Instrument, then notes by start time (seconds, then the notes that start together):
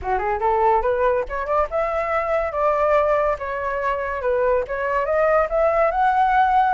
flute
0.01 F#4
0.18 G#4
0.40 A4
0.82 B4
1.28 C#5
1.46 D5
1.70 E5
2.52 D5
3.38 C#5
4.21 B4
4.67 C#5
5.05 D#5
5.49 E5
5.91 F#5